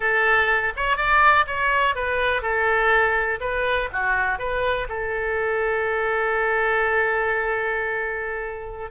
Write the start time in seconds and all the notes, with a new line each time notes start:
0.00 A4
0.76 C#5
0.96 D5
1.46 C#5
1.95 B4
2.42 A4
3.40 B4
3.92 F#4
4.38 B4
4.88 A4